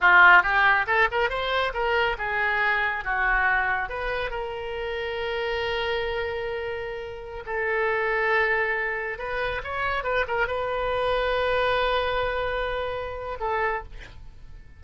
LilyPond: \new Staff \with { instrumentName = "oboe" } { \time 4/4 \tempo 4 = 139 f'4 g'4 a'8 ais'8 c''4 | ais'4 gis'2 fis'4~ | fis'4 b'4 ais'2~ | ais'1~ |
ais'4~ ais'16 a'2~ a'8.~ | a'4~ a'16 b'4 cis''4 b'8 ais'16~ | ais'16 b'2.~ b'8.~ | b'2. a'4 | }